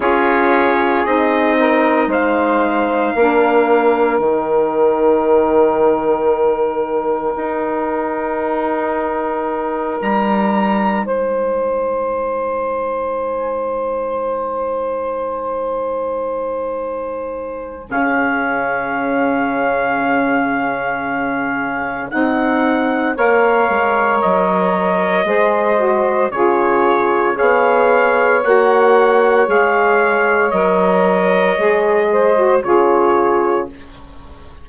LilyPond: <<
  \new Staff \with { instrumentName = "trumpet" } { \time 4/4 \tempo 4 = 57 cis''4 dis''4 f''2 | g''1~ | g''4. ais''4 gis''4.~ | gis''1~ |
gis''4 f''2.~ | f''4 fis''4 f''4 dis''4~ | dis''4 cis''4 f''4 fis''4 | f''4 dis''2 cis''4 | }
  \new Staff \with { instrumentName = "saxophone" } { \time 4/4 gis'4. ais'8 c''4 ais'4~ | ais'1~ | ais'2~ ais'8 c''4.~ | c''1~ |
c''4 gis'2.~ | gis'2 cis''2 | c''4 gis'4 cis''2~ | cis''2~ cis''8 c''8 gis'4 | }
  \new Staff \with { instrumentName = "saxophone" } { \time 4/4 f'4 dis'2 d'4 | dis'1~ | dis'1~ | dis'1~ |
dis'4 cis'2.~ | cis'4 dis'4 ais'2 | gis'8 fis'8 f'4 gis'4 fis'4 | gis'4 ais'4 gis'8. fis'16 f'4 | }
  \new Staff \with { instrumentName = "bassoon" } { \time 4/4 cis'4 c'4 gis4 ais4 | dis2. dis'4~ | dis'4. g4 gis4.~ | gis1~ |
gis4 cis2.~ | cis4 c'4 ais8 gis8 fis4 | gis4 cis4 b4 ais4 | gis4 fis4 gis4 cis4 | }
>>